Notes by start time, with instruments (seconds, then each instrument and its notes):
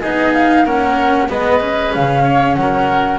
0.00 double bass B3, cello D#4, oboe G#4, flute D#5
0.33 flute F5
0.64 double bass A#3, cello C#4, oboe A#4, flute F#5
1.28 double bass G#3, cello B3, oboe B4, flute D#5
1.60 cello C#4
1.94 double bass C#3, flute F5
2.23 oboe C#5
2.54 double bass F#3, oboe A#4, flute F#5